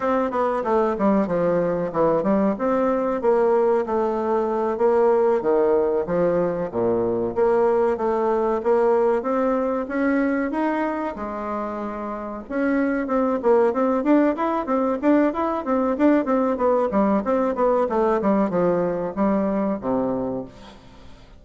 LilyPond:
\new Staff \with { instrumentName = "bassoon" } { \time 4/4 \tempo 4 = 94 c'8 b8 a8 g8 f4 e8 g8 | c'4 ais4 a4. ais8~ | ais8 dis4 f4 ais,4 ais8~ | ais8 a4 ais4 c'4 cis'8~ |
cis'8 dis'4 gis2 cis'8~ | cis'8 c'8 ais8 c'8 d'8 e'8 c'8 d'8 | e'8 c'8 d'8 c'8 b8 g8 c'8 b8 | a8 g8 f4 g4 c4 | }